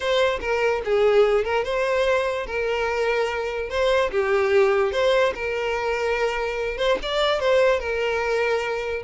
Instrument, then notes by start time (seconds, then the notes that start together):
violin
0.00 C5
0.40 A#4
0.84 G#4
1.44 A#4
1.64 C5
2.46 A#4
3.69 C5
4.11 G4
4.92 C5
5.34 A#4
6.77 C5
7.02 D5
7.40 C5
7.79 A#4